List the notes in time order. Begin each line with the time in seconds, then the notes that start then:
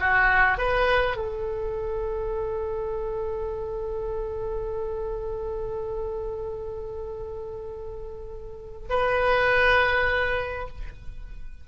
0.00 F#4
0.58 B4
1.17 A4
8.90 B4